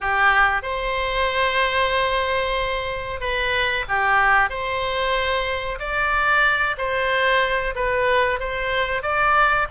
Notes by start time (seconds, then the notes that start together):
0.00 G4
0.62 C5
3.20 B4
3.88 G4
4.49 C5
5.79 D5
6.77 C5
7.75 B4
8.39 C5
9.02 D5